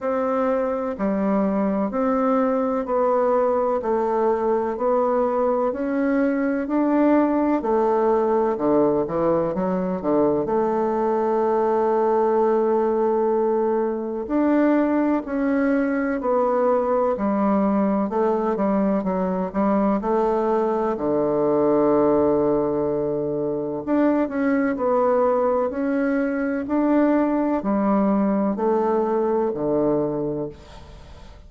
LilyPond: \new Staff \with { instrumentName = "bassoon" } { \time 4/4 \tempo 4 = 63 c'4 g4 c'4 b4 | a4 b4 cis'4 d'4 | a4 d8 e8 fis8 d8 a4~ | a2. d'4 |
cis'4 b4 g4 a8 g8 | fis8 g8 a4 d2~ | d4 d'8 cis'8 b4 cis'4 | d'4 g4 a4 d4 | }